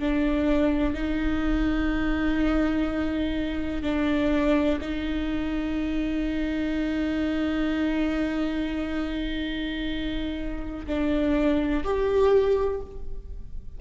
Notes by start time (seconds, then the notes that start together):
0.00 D4
0.94 D#4
3.83 D4
4.82 D#4
10.87 D4
11.84 G4